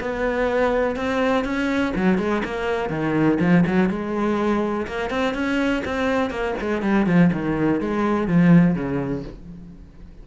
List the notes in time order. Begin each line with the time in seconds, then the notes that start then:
0.00 B3
0.96 C4
1.44 C#4
1.95 F#3
2.18 G#3
2.44 A#3
2.89 D#3
3.40 F3
3.66 F#3
3.89 G#3
4.87 A#3
5.10 C4
5.34 C#4
5.84 C4
6.30 A#3
6.61 G#3
6.82 G3
7.06 F3
7.33 D#3
7.80 G#3
8.27 F3
8.74 C#3